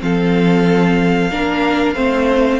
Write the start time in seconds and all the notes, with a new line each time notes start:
0.00 F3 C4 A4 F5
1.31 A#3 D4 A#4
1.95 A3 C4 C5